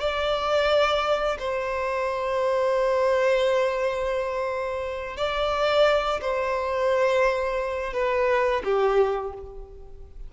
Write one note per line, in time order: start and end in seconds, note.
0.00 1.38 D5
1.39 5.17 C5
5.17 6.20 D5
6.21 7.93 C5
7.93 8.62 B4
8.64 9.33 G4